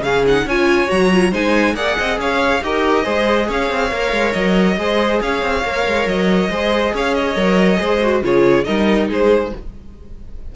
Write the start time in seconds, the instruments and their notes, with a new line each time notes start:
0.00 cello C#3, viola C#4, violin G#4 F5
0.27 viola D#4, violin F#5
0.45 cello C#4, viola F4, violin C#5 G#5
0.87 cello F#3, viola F#4, violin A#5
1.13 viola F4
1.31 cello G#3, viola D#4, violin C5 G#5
1.74 cello A#3, viola G#4, violin D5 F#5
1.98 cello C4, violin D#5
2.18 cello C#4, violin C#5 F5
2.62 cello D#4, viola G4, violin A#4 D#5
3.04 cello G#3, viola G#4, violin C5
3.47 cello C#4, violin C#5 F5
3.70 cello C4
3.91 cello A#3, viola A#4
4.12 cello G#3
4.33 cello F#3, violin D#5
4.78 cello G#3, viola G#4, violin C5
5.21 cello C#4, violin C#5 F5
5.42 cello C4
5.65 cello A#3, viola A#4
5.87 cello G#3
6.06 cello F#3, violin D#5
6.50 cello G#3, viola G#4, violin C5
6.93 cello C#4, violin C#5 F5
7.14 violin D#5
7.36 cello F#3, viola A#4
7.77 cello G#3, viola G#4, violin C5
8.02 viola F#4
8.22 cello C#3, viola F4, violin G#4 C#5
8.64 cello G3, viola D#4, violin A#4 D#5
9.09 cello G#3, violin G#4 C5